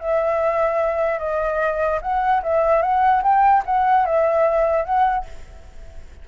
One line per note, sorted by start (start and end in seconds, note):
0.00 1.19 E5
1.19 2.00 D#5
2.02 2.42 F#5
2.43 2.82 E5
2.82 3.22 F#5
3.23 3.63 G5
3.66 4.06 F#5
4.06 4.85 E5
4.85 5.25 F#5